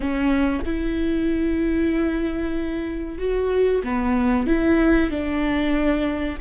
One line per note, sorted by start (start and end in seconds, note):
0.00 0.62 C#4
0.65 3.18 E4
3.18 3.82 F#4
3.83 4.47 B3
4.47 5.10 E4
5.10 6.38 D4